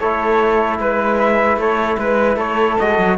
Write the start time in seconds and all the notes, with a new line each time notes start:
0.00 A3 E4 A4 C#5
0.79 G#3 B4
1.20 E5
1.57 A3 A4 C#5
1.98 G#3 B4
2.37 A3 A4 C#5
2.79 G#3 F#4 D#5
2.99 F#3